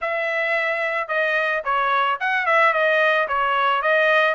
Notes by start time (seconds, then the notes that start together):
0.01 E5
1.08 D#5
1.64 C#5
2.19 F#5
2.46 E5
2.73 D#5
3.28 C#5
3.82 D#5